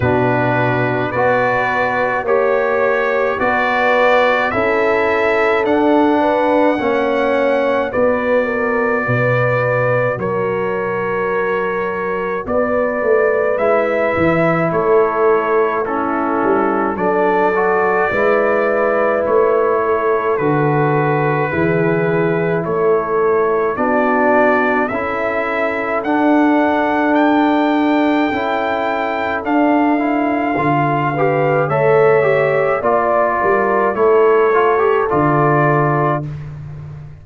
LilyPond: <<
  \new Staff \with { instrumentName = "trumpet" } { \time 4/4 \tempo 4 = 53 b'4 d''4 cis''4 d''4 | e''4 fis''2 d''4~ | d''4 cis''2 d''4 | e''4 cis''4 a'4 d''4~ |
d''4 cis''4 b'2 | cis''4 d''4 e''4 fis''4 | g''2 f''2 | e''4 d''4 cis''4 d''4 | }
  \new Staff \with { instrumentName = "horn" } { \time 4/4 fis'4 b'4 cis''4 b'4 | a'4. b'8 cis''4 b'8 ais'8 | b'4 ais'2 b'4~ | b'4 a'4 e'4 a'4 |
b'4. a'4. gis'4 | a'4 fis'4 a'2~ | a'2.~ a'8 b'8 | cis''4 d''8 ais'8 a'2 | }
  \new Staff \with { instrumentName = "trombone" } { \time 4/4 d'4 fis'4 g'4 fis'4 | e'4 d'4 cis'4 fis'4~ | fis'1 | e'2 cis'4 d'8 fis'8 |
e'2 fis'4 e'4~ | e'4 d'4 e'4 d'4~ | d'4 e'4 d'8 e'8 f'8 g'8 | a'8 g'8 f'4 e'8 f'16 g'16 f'4 | }
  \new Staff \with { instrumentName = "tuba" } { \time 4/4 b,4 b4 ais4 b4 | cis'4 d'4 ais4 b4 | b,4 fis2 b8 a8 | gis8 e8 a4. g8 fis4 |
gis4 a4 d4 e4 | a4 b4 cis'4 d'4~ | d'4 cis'4 d'4 d4 | a4 ais8 g8 a4 d4 | }
>>